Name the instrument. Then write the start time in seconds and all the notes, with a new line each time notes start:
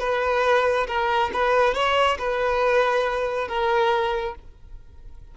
violin
0.00 B4
0.87 A#4
1.34 B4
1.74 C#5
2.19 B4
3.48 A#4